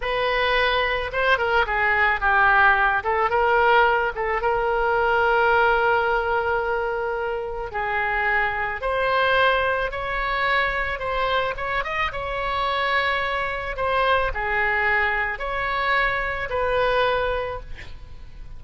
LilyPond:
\new Staff \with { instrumentName = "oboe" } { \time 4/4 \tempo 4 = 109 b'2 c''8 ais'8 gis'4 | g'4. a'8 ais'4. a'8 | ais'1~ | ais'2 gis'2 |
c''2 cis''2 | c''4 cis''8 dis''8 cis''2~ | cis''4 c''4 gis'2 | cis''2 b'2 | }